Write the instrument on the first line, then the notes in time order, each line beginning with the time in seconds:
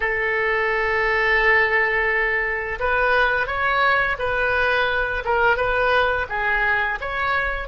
oboe
0.00 A4
2.79 B4
3.46 C#5
4.19 B4
5.25 A#4
5.57 B4
6.29 G#4
7.00 C#5